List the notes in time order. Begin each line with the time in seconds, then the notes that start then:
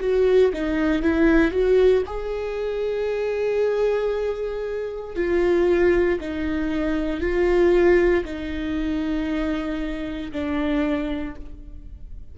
0.00 F#4
0.53 D#4
1.02 E4
1.51 F#4
2.05 G#4
5.15 F4
6.20 D#4
7.20 F4
8.25 D#4
10.32 D4